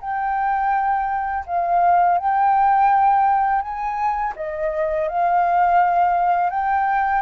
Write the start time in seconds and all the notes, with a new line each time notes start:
0.00 G5
1.46 F5
2.18 G5
3.61 G#5
4.36 D#5
5.08 F5
6.50 G5